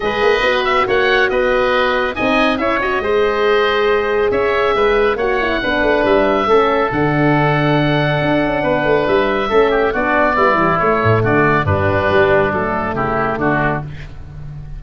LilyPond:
<<
  \new Staff \with { instrumentName = "oboe" } { \time 4/4 \tempo 4 = 139 dis''4. e''8 fis''4 dis''4~ | dis''4 gis''4 e''8 dis''4.~ | dis''2 e''2 | fis''2 e''2 |
fis''1~ | fis''4 e''2 d''4~ | d''4 cis''4 d''4 b'4~ | b'4 a'4 g'4 fis'4 | }
  \new Staff \with { instrumentName = "oboe" } { \time 4/4 b'2 cis''4 b'4~ | b'4 dis''4 cis''4 c''4~ | c''2 cis''4 b'4 | cis''4 b'2 a'4~ |
a'1 | b'2 a'8 g'8 fis'4 | e'2 fis'4 d'4~ | d'2 e'4 d'4 | }
  \new Staff \with { instrumentName = "horn" } { \time 4/4 gis'4 fis'2.~ | fis'4 dis'4 e'8 fis'8 gis'4~ | gis'1 | fis'8 e'8 d'2 cis'4 |
d'1~ | d'2 cis'4 d'4 | b8 g8 a2 g4~ | g4 a2. | }
  \new Staff \with { instrumentName = "tuba" } { \time 4/4 gis8 ais8 b4 ais4 b4~ | b4 c'4 cis'4 gis4~ | gis2 cis'4 gis4 | ais4 b8 a8 g4 a4 |
d2. d'8 cis'8 | b8 a8 g4 a4 b4 | g8 e8 a8 a,8 d4 g,4 | g4 fis4 cis4 d4 | }
>>